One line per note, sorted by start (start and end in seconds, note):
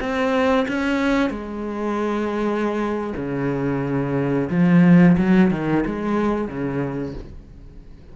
0.00 0.67 C4
0.68 1.30 C#4
1.30 3.14 G#3
3.16 4.49 C#3
4.50 5.17 F3
5.18 5.51 F#3
5.51 5.84 D#3
5.86 6.48 G#3
6.48 7.15 C#3